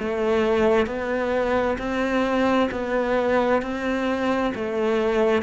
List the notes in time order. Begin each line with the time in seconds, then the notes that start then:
0.00 A3
0.87 B3
1.79 C4
2.72 B3
3.62 C4
4.55 A3